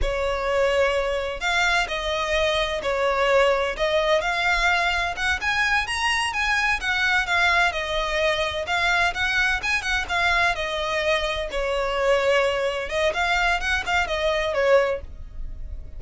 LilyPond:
\new Staff \with { instrumentName = "violin" } { \time 4/4 \tempo 4 = 128 cis''2. f''4 | dis''2 cis''2 | dis''4 f''2 fis''8 gis''8~ | gis''8 ais''4 gis''4 fis''4 f''8~ |
f''8 dis''2 f''4 fis''8~ | fis''8 gis''8 fis''8 f''4 dis''4.~ | dis''8 cis''2. dis''8 | f''4 fis''8 f''8 dis''4 cis''4 | }